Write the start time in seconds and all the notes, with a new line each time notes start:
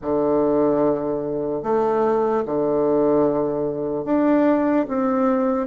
0.01 D3
1.63 A3
2.45 D3
4.04 D4
4.88 C4